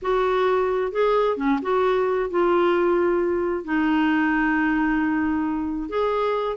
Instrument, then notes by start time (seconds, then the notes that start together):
clarinet
0.02 F#4
0.92 G#4
1.37 C#4
1.62 F#4
2.30 F4
3.64 D#4
5.89 G#4